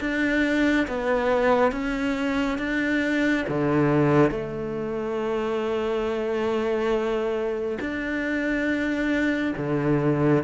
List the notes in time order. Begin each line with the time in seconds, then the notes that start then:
0.00 D4
0.87 B3
1.72 C#4
2.58 D4
3.48 D3
4.30 A3
7.80 D4
9.57 D3